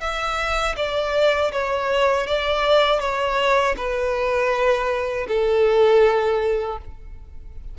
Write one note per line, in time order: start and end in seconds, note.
0.00 0.75 E5
0.76 1.51 D5
1.51 2.26 C#5
2.26 3.00 D5
3.00 3.75 C#5
3.76 5.26 B4
5.27 6.77 A4